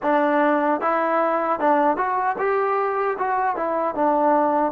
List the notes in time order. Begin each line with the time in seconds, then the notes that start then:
0.02 D4
0.80 E4
1.59 D4
1.96 F#4
2.38 G4
3.18 F#4
3.55 E4
3.95 D4